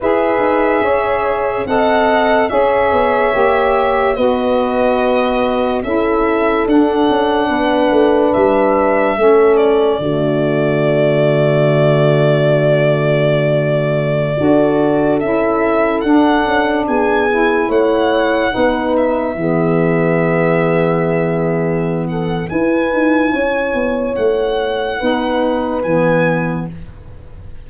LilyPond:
<<
  \new Staff \with { instrumentName = "violin" } { \time 4/4 \tempo 4 = 72 e''2 fis''4 e''4~ | e''4 dis''2 e''4 | fis''2 e''4. d''8~ | d''1~ |
d''2~ d''16 e''4 fis''8.~ | fis''16 gis''4 fis''4. e''4~ e''16~ | e''2~ e''8 fis''8 gis''4~ | gis''4 fis''2 gis''4 | }
  \new Staff \with { instrumentName = "horn" } { \time 4/4 b'4 cis''4 dis''4 cis''4~ | cis''4 b'2 a'4~ | a'4 b'2 a'4 | fis'1~ |
fis'4~ fis'16 a'2~ a'8.~ | a'16 gis'4 cis''4 b'4 gis'8.~ | gis'2~ gis'8 a'8 b'4 | cis''2 b'2 | }
  \new Staff \with { instrumentName = "saxophone" } { \time 4/4 gis'2 a'4 gis'4 | g'4 fis'2 e'4 | d'2. cis'4 | a1~ |
a4~ a16 fis'4 e'4 d'8.~ | d'8. e'4. dis'4 b8.~ | b2. e'4~ | e'2 dis'4 b4 | }
  \new Staff \with { instrumentName = "tuba" } { \time 4/4 e'8 dis'8 cis'4 c'4 cis'8 b8 | ais4 b2 cis'4 | d'8 cis'8 b8 a8 g4 a4 | d1~ |
d4~ d16 d'4 cis'4 d'8 cis'16~ | cis'16 b4 a4 b4 e8.~ | e2. e'8 dis'8 | cis'8 b8 a4 b4 e4 | }
>>